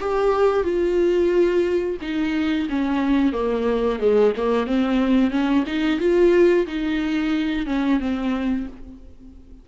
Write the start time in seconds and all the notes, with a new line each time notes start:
0.00 G4
0.63 F4
2.01 D#4
2.69 C#4
3.32 A#3
3.99 G#3
4.36 A#3
4.67 C4
5.31 C#4
5.67 D#4
6.00 F4
6.67 D#4
7.66 C#4
8.00 C4